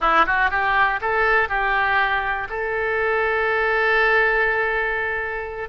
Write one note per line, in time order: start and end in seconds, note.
0.00 0.25 E4
0.26 0.50 F#4
0.50 1.00 G4
1.01 1.48 A4
1.48 2.47 G4
2.49 5.69 A4